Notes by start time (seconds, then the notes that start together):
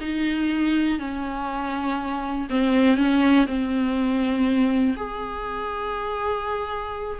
0.00 D#4
0.98 C#4
2.50 C4
2.96 C#4
3.46 C4
4.96 G#4